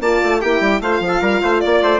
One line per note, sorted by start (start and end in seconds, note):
0.00 0.20 A#3
0.00 0.42 F4
0.00 0.41 D5
0.00 0.41 A5
0.23 0.43 A3
0.41 0.60 A#3
0.41 0.82 E4
0.41 0.81 G4
0.41 0.81 G5
0.60 0.80 G3
0.80 1.00 A3
0.80 2.00 F4
0.80 1.03 C5
0.80 1.60 F5
1.00 1.20 F3
1.07 1.21 A4
1.21 1.41 G3
1.21 1.41 A#4
1.42 1.62 A3
1.42 1.62 C5
1.60 1.82 A#3
1.60 2.00 D5
1.60 1.83 D5
1.82 2.00 A3
1.82 2.00 C5